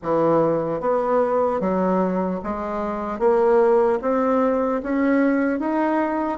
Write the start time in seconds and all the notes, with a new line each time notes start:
0.02 E3
0.80 B3
1.60 F#3
2.43 G#3
3.19 A#3
4.01 C4
4.83 C#4
5.59 D#4